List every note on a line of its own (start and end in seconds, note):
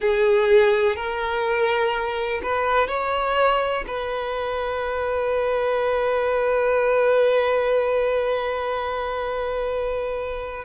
0.00 0.96 G#4
0.96 2.41 A#4
2.42 2.88 B4
2.88 3.84 C#5
3.87 10.65 B4